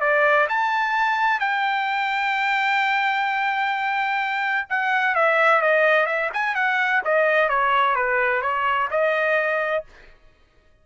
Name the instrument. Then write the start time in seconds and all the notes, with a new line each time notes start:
trumpet
0.00 D5
0.49 A5
1.40 G5
4.69 F#5
5.15 E5
5.61 D#5
6.06 E5
6.33 G#5
6.55 F#5
7.04 D#5
7.49 C#5
7.95 B4
8.42 C#5
8.91 D#5